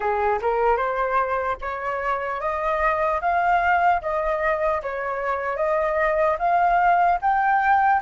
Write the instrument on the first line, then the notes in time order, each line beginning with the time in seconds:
flute
0.00 G#4
0.41 A#4
0.76 C5
1.61 C#5
2.40 D#5
3.21 F5
4.01 D#5
4.82 C#5
5.56 D#5
6.38 F5
7.21 G5